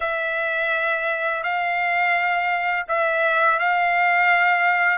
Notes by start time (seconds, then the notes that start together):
0.00 E5
1.43 F5
2.87 E5
3.59 F5